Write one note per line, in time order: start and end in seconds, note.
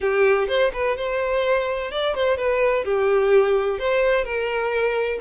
0.00 0.47 G4
0.47 0.71 C5
0.73 0.96 B4
0.96 1.91 C5
1.91 2.14 D5
2.14 2.37 C5
2.37 2.84 B4
2.84 3.78 G4
3.78 4.24 C5
4.24 5.19 A#4